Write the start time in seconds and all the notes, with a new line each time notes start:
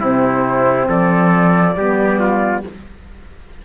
0.00 C3 C4 E4 C5
0.88 F3 A4 D5
1.76 G3 B3 G4
2.20 F4